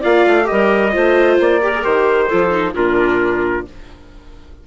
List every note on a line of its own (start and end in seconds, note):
0.00 0.27 A#3
0.00 0.44 F4
0.00 0.45 D5
0.00 0.47 F5
0.27 0.50 A3
0.44 0.90 G4
0.44 1.38 D#5
0.50 0.97 G3
0.50 0.93 A#4
0.93 1.40 A3
0.93 1.61 F4
0.93 1.62 C5
1.40 1.85 A#3
1.40 1.85 D5
1.62 1.74 G4
1.62 2.27 A#4
1.75 1.82 G#4
1.82 2.31 D#3
1.82 2.28 G4
1.82 2.76 C5
2.27 2.50 F4
2.27 2.72 A4
2.33 2.75 F3
2.50 2.73 D#4
2.74 3.66 A#2
2.74 3.67 D4
2.74 3.65 F4
2.74 3.67 A#4